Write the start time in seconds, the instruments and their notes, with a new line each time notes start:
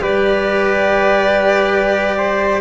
0.00 tuba G3, cello G4, trumpet B4, violin D5
2.17 trumpet C5